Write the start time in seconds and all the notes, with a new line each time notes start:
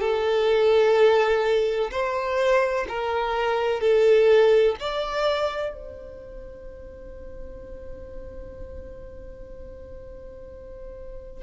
0.00 A4
1.91 C5
2.88 A#4
3.81 A4
4.80 D5
5.73 C5